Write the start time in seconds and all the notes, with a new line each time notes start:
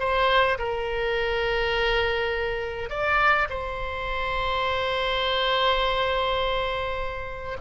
0.00 C5
0.59 A#4
2.90 D5
3.50 C5